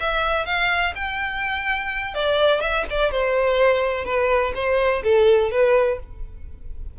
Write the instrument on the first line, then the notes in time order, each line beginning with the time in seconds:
violin
0.00 E5
0.46 F5
0.95 G5
2.14 D5
2.61 E5
2.90 D5
3.11 C5
4.05 B4
4.55 C5
5.04 A4
5.51 B4